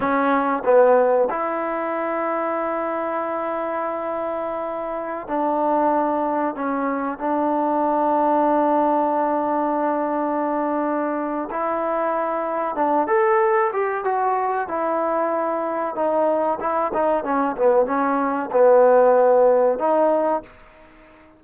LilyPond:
\new Staff \with { instrumentName = "trombone" } { \time 4/4 \tempo 4 = 94 cis'4 b4 e'2~ | e'1~ | e'16 d'2 cis'4 d'8.~ | d'1~ |
d'2 e'2 | d'8 a'4 g'8 fis'4 e'4~ | e'4 dis'4 e'8 dis'8 cis'8 b8 | cis'4 b2 dis'4 | }